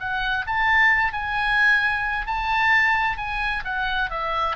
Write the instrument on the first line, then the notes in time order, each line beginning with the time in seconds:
oboe
0.00 F#5
0.46 A5
1.12 G#5
2.27 A5
3.17 G#5
3.65 F#5
4.10 E5